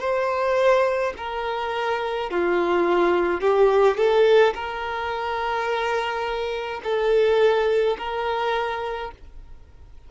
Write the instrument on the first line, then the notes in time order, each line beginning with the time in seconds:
violin
0.00 C5
1.17 A#4
2.31 F4
3.41 G4
3.97 A4
4.54 A#4
6.84 A4
7.99 A#4